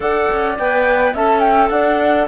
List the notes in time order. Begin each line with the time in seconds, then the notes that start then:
0.00 D4 A4 D5 F#5
0.31 C#4
0.58 B3 B4 G5
1.14 C#4 A4 E5 A5
1.40 G5
1.69 D4 D5 F#5